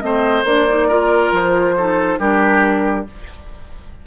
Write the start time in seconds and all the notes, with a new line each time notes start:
0.00 A3 C4 C5 D#5
0.44 A#3 D4 D5
0.68 D#4
0.88 F4 A#4
1.32 F3 C5
1.77 D#4 A4
2.19 G3 D4 G4 A#4